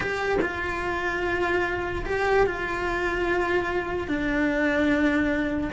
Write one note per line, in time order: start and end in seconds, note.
0.00 0.38 G4
0.41 2.05 F4
2.05 2.46 G4
2.46 4.07 F4
4.07 5.70 D4